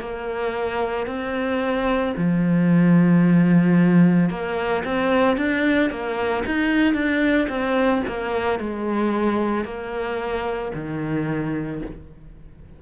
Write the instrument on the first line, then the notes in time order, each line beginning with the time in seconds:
cello
0.00 A#3
1.07 C4
2.17 F3
4.30 A#3
4.85 C4
5.37 D4
5.90 A#3
6.46 D#4
6.94 D4
7.49 C4
8.07 A#3
8.60 G#3
9.65 A#3
10.75 D#3